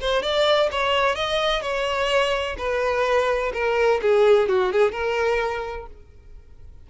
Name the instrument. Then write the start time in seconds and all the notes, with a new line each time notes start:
violin
0.00 C5
0.22 D5
0.71 C#5
1.15 D#5
1.61 C#5
2.57 B4
3.53 A#4
4.02 G#4
4.48 F#4
4.72 G#4
4.92 A#4